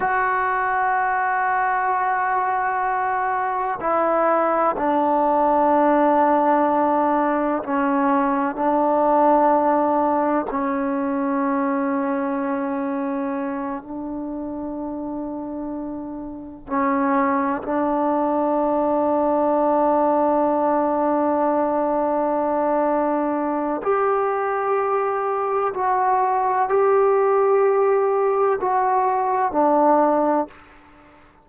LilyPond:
\new Staff \with { instrumentName = "trombone" } { \time 4/4 \tempo 4 = 63 fis'1 | e'4 d'2. | cis'4 d'2 cis'4~ | cis'2~ cis'8 d'4.~ |
d'4. cis'4 d'4.~ | d'1~ | d'4 g'2 fis'4 | g'2 fis'4 d'4 | }